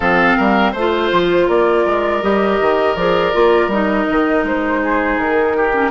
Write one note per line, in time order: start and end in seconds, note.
0.00 0.35 F3
0.00 0.75 C4
0.00 0.37 A4
0.00 0.73 F5
0.37 0.73 G3
0.37 0.72 A#4
0.72 1.10 A3
0.72 1.46 C5
0.72 1.49 C5
0.78 2.22 F4
1.12 1.48 F3
1.47 1.85 A#3
1.47 4.80 A#4
1.47 2.22 D5
1.85 2.22 G#3
2.22 2.59 G3
2.22 2.96 G4
2.22 2.95 D#5
2.60 2.95 D#3
2.95 3.32 F3
2.95 3.33 G#4
2.95 3.69 D5
3.33 3.67 A#3
3.33 3.70 F4
3.67 4.04 G3
3.67 5.72 D#4
3.67 4.45 D#5
4.09 4.43 D#3
4.43 5.17 G#3
4.43 5.19 C5
4.82 5.56 G#4
5.17 5.91 D#3
5.17 5.91 A#4
5.56 5.91 G4
5.72 5.91 C#4